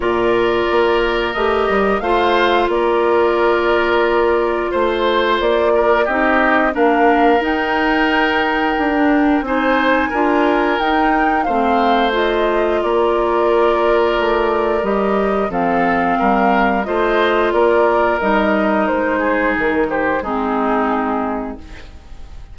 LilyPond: <<
  \new Staff \with { instrumentName = "flute" } { \time 4/4 \tempo 4 = 89 d''2 dis''4 f''4 | d''2. c''4 | d''4 dis''4 f''4 g''4~ | g''2 gis''2 |
g''4 f''4 dis''4 d''4~ | d''2 dis''4 f''4~ | f''4 dis''4 d''4 dis''4 | c''4 ais'8 c''8 gis'2 | }
  \new Staff \with { instrumentName = "oboe" } { \time 4/4 ais'2. c''4 | ais'2. c''4~ | c''8 ais'8 g'4 ais'2~ | ais'2 c''4 ais'4~ |
ais'4 c''2 ais'4~ | ais'2. a'4 | ais'4 c''4 ais'2~ | ais'8 gis'4 g'8 dis'2 | }
  \new Staff \with { instrumentName = "clarinet" } { \time 4/4 f'2 g'4 f'4~ | f'1~ | f'4 dis'4 d'4 dis'4~ | dis'4~ dis'16 d'8. dis'4 f'4 |
dis'4 c'4 f'2~ | f'2 g'4 c'4~ | c'4 f'2 dis'4~ | dis'2 c'2 | }
  \new Staff \with { instrumentName = "bassoon" } { \time 4/4 ais,4 ais4 a8 g8 a4 | ais2. a4 | ais4 c'4 ais4 dis'4~ | dis'4 d'4 c'4 d'4 |
dis'4 a2 ais4~ | ais4 a4 g4 f4 | g4 a4 ais4 g4 | gis4 dis4 gis2 | }
>>